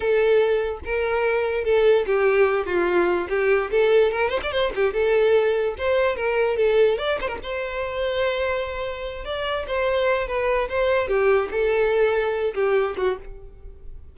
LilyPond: \new Staff \with { instrumentName = "violin" } { \time 4/4 \tempo 4 = 146 a'2 ais'2 | a'4 g'4. f'4. | g'4 a'4 ais'8 c''16 d''16 c''8 g'8 | a'2 c''4 ais'4 |
a'4 d''8 c''16 ais'16 c''2~ | c''2~ c''8 d''4 c''8~ | c''4 b'4 c''4 g'4 | a'2~ a'8 g'4 fis'8 | }